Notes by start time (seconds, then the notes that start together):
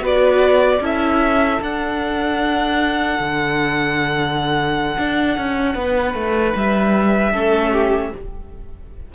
0.00 B3 F#4 B4
0.06 D5
0.81 C#4 E4 A4 E5
1.61 D4 F#5
3.19 D3
4.98 D4
5.38 C#4
5.75 B3 B4
6.14 A3
6.56 G3 E5
7.32 A3 C#4 A4
7.72 G4